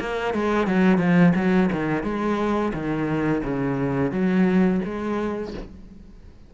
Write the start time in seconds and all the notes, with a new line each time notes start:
0.00 A#3
0.34 G#3
0.67 F#3
0.98 F3
1.35 F#3
1.72 D#3
2.03 G#3
2.73 D#3
3.44 C#3
4.12 F#3
4.85 G#3